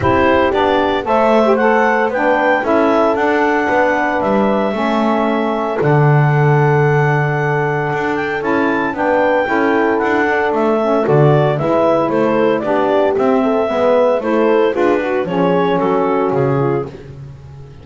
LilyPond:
<<
  \new Staff \with { instrumentName = "clarinet" } { \time 4/4 \tempo 4 = 114 c''4 d''4 e''4 fis''4 | g''4 e''4 fis''2 | e''2. fis''4~ | fis''2.~ fis''8 g''8 |
a''4 g''2 fis''4 | e''4 d''4 e''4 c''4 | d''4 e''2 c''4 | b'4 cis''4 a'4 gis'4 | }
  \new Staff \with { instrumentName = "horn" } { \time 4/4 g'2 c''2 | b'4 a'2 b'4~ | b'4 a'2.~ | a'1~ |
a'4 b'4 a'2~ | a'2 b'4 a'4 | g'4. a'8 b'4 a'4 | gis'8 fis'8 gis'4 fis'4. f'8 | }
  \new Staff \with { instrumentName = "saxophone" } { \time 4/4 e'4 d'4 a'8. g'16 a'4 | d'4 e'4 d'2~ | d'4 cis'2 d'4~ | d'1 |
e'4 d'4 e'4. d'8~ | d'8 cis'8 fis'4 e'2 | d'4 c'4 b4 e'4 | f'8 fis'8 cis'2. | }
  \new Staff \with { instrumentName = "double bass" } { \time 4/4 c'4 b4 a2 | b4 cis'4 d'4 b4 | g4 a2 d4~ | d2. d'4 |
cis'4 b4 cis'4 d'4 | a4 d4 gis4 a4 | b4 c'4 gis4 a4 | d'4 f4 fis4 cis4 | }
>>